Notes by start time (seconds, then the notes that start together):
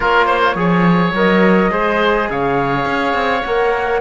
0.00 A#3 F4 A#4 C#5
0.26 C5
0.55 F3 G#4 C#5
1.13 F#3 A#4 D#5
1.70 G#3 G#4 C5
2.29 C#3 C#5 F5
2.85 C#4
3.13 C4
3.43 A#3 A#4 F#5